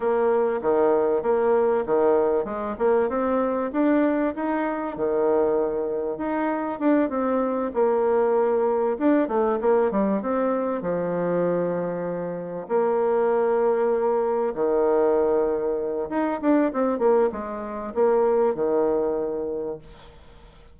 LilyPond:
\new Staff \with { instrumentName = "bassoon" } { \time 4/4 \tempo 4 = 97 ais4 dis4 ais4 dis4 | gis8 ais8 c'4 d'4 dis'4 | dis2 dis'4 d'8 c'8~ | c'8 ais2 d'8 a8 ais8 |
g8 c'4 f2~ f8~ | f8 ais2. dis8~ | dis2 dis'8 d'8 c'8 ais8 | gis4 ais4 dis2 | }